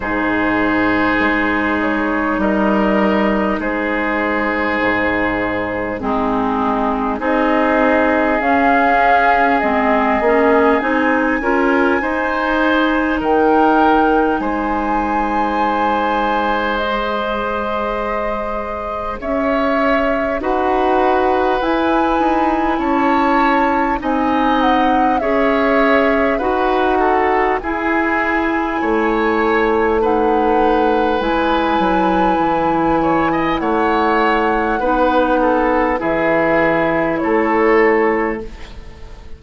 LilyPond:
<<
  \new Staff \with { instrumentName = "flute" } { \time 4/4 \tempo 4 = 50 c''4. cis''8 dis''4 c''4~ | c''4 gis'4 dis''4 f''4 | dis''4 gis''2 g''4 | gis''2 dis''2 |
e''4 fis''4 gis''4 a''4 | gis''8 fis''8 e''4 fis''4 gis''4~ | gis''4 fis''4 gis''2 | fis''2 e''4 cis''4 | }
  \new Staff \with { instrumentName = "oboe" } { \time 4/4 gis'2 ais'4 gis'4~ | gis'4 dis'4 gis'2~ | gis'4. ais'8 c''4 ais'4 | c''1 |
cis''4 b'2 cis''4 | dis''4 cis''4 b'8 a'8 gis'4 | cis''4 b'2~ b'8 cis''16 dis''16 | cis''4 b'8 a'8 gis'4 a'4 | }
  \new Staff \with { instrumentName = "clarinet" } { \time 4/4 dis'1~ | dis'4 c'4 dis'4 cis'4 | c'8 cis'8 dis'8 f'8 dis'2~ | dis'2 gis'2~ |
gis'4 fis'4 e'2 | dis'4 gis'4 fis'4 e'4~ | e'4 dis'4 e'2~ | e'4 dis'4 e'2 | }
  \new Staff \with { instrumentName = "bassoon" } { \time 4/4 gis,4 gis4 g4 gis4 | gis,4 gis4 c'4 cis'4 | gis8 ais8 c'8 cis'8 dis'4 dis4 | gis1 |
cis'4 dis'4 e'8 dis'8 cis'4 | c'4 cis'4 dis'4 e'4 | a2 gis8 fis8 e4 | a4 b4 e4 a4 | }
>>